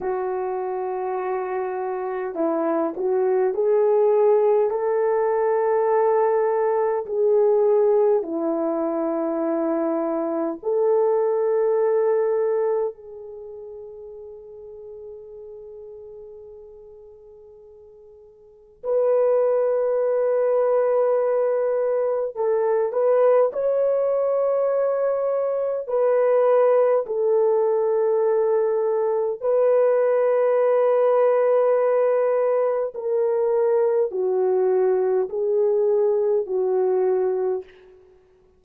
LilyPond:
\new Staff \with { instrumentName = "horn" } { \time 4/4 \tempo 4 = 51 fis'2 e'8 fis'8 gis'4 | a'2 gis'4 e'4~ | e'4 a'2 gis'4~ | gis'1 |
b'2. a'8 b'8 | cis''2 b'4 a'4~ | a'4 b'2. | ais'4 fis'4 gis'4 fis'4 | }